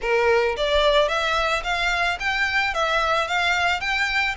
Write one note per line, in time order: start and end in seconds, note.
0.01 0.56 A#4
0.56 1.08 D5
1.08 1.62 E5
1.63 2.18 F5
2.19 2.73 G5
2.73 3.27 E5
3.27 3.80 F5
3.80 4.35 G5